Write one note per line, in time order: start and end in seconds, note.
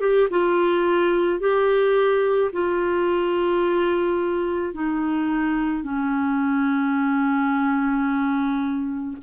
0.00 0.28 G4
0.30 1.40 F4
1.40 2.51 G4
2.53 4.74 F4
4.74 5.83 D#4
5.83 9.17 C#4